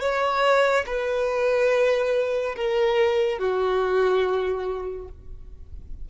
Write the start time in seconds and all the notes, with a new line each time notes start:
0.00 C#5
0.86 B4
2.55 A#4
3.38 F#4